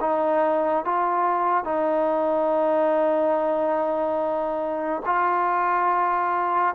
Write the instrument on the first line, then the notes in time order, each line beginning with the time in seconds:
trombone
0.00 D#4
0.85 F4
1.64 D#4
5.06 F4